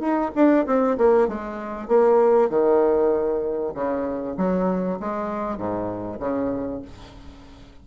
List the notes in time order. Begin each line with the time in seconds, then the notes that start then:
0.00 D#4
0.35 D4
0.66 C4
0.98 A#3
1.28 G#3
1.88 A#3
2.50 D#3
3.75 C#3
4.37 F#3
5.00 G#3
5.58 G#2
6.20 C#3